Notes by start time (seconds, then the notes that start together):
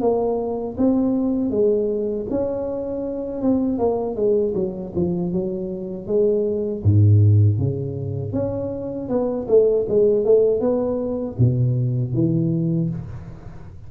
0.00 A#3
0.77 C4
1.50 G#3
2.30 C#4
3.41 C4
3.78 A#3
4.15 G#3
4.54 F#3
4.95 F3
5.32 F#3
6.07 G#3
6.83 G#2
7.58 C#3
8.32 C#4
9.09 B3
9.48 A3
9.88 G#3
10.25 A3
10.60 B3
11.38 B2
12.13 E3